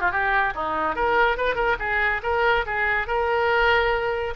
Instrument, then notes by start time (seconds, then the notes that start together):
oboe
0.00 F4
0.11 G4
0.54 D#4
0.95 A#4
1.37 B4
1.55 A#4
1.79 G#4
2.22 A#4
2.66 G#4
3.07 A#4